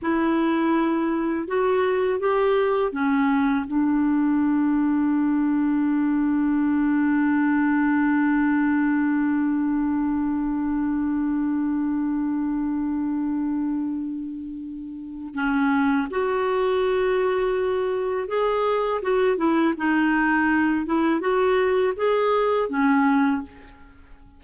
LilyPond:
\new Staff \with { instrumentName = "clarinet" } { \time 4/4 \tempo 4 = 82 e'2 fis'4 g'4 | cis'4 d'2.~ | d'1~ | d'1~ |
d'1~ | d'4 cis'4 fis'2~ | fis'4 gis'4 fis'8 e'8 dis'4~ | dis'8 e'8 fis'4 gis'4 cis'4 | }